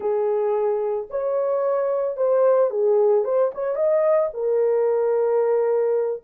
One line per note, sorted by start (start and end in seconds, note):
0.00 1.08 G#4
1.10 2.16 C#5
2.16 2.70 C5
2.70 3.24 G#4
3.24 3.51 C5
3.54 3.75 C#5
3.75 4.29 D#5
4.33 6.22 A#4